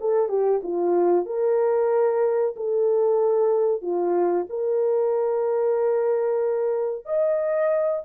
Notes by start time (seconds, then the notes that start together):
0.00 A4
0.28 G4
0.63 F4
1.26 A#4
2.56 A4
3.82 F4
4.49 A#4
7.05 D#5